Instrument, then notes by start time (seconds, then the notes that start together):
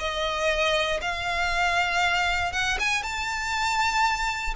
violin
0.00 D#5
1.02 F5
2.53 F#5
2.80 G#5
3.04 A5